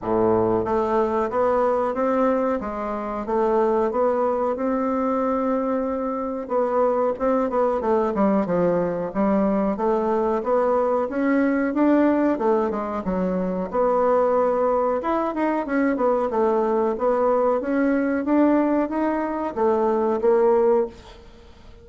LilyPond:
\new Staff \with { instrumentName = "bassoon" } { \time 4/4 \tempo 4 = 92 a,4 a4 b4 c'4 | gis4 a4 b4 c'4~ | c'2 b4 c'8 b8 | a8 g8 f4 g4 a4 |
b4 cis'4 d'4 a8 gis8 | fis4 b2 e'8 dis'8 | cis'8 b8 a4 b4 cis'4 | d'4 dis'4 a4 ais4 | }